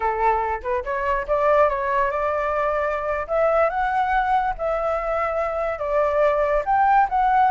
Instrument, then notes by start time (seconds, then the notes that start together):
flute
0.00 A4
0.62 B4
0.84 C#5
1.27 D5
1.69 C#5
2.10 D5
3.27 E5
3.69 F#5
4.57 E5
5.78 D5
6.65 G5
7.09 F#5